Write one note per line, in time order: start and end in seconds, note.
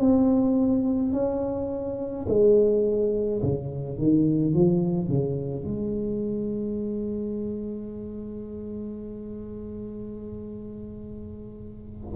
0.00 1.13 C4
1.13 2.26 C#4
2.28 3.42 G#3
3.43 3.98 C#3
3.98 4.54 D#3
4.54 5.08 F3
5.08 5.64 C#3
5.64 12.15 G#3